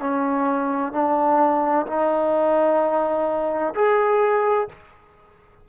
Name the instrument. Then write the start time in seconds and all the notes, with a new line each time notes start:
trombone
0.00 C#4
0.92 D4
1.86 D#4
3.75 G#4